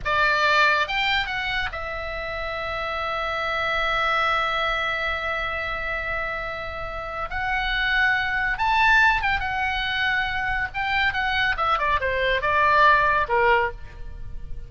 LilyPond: \new Staff \with { instrumentName = "oboe" } { \time 4/4 \tempo 4 = 140 d''2 g''4 fis''4 | e''1~ | e''1~ | e''1~ |
e''4 fis''2. | a''4. g''8 fis''2~ | fis''4 g''4 fis''4 e''8 d''8 | c''4 d''2 ais'4 | }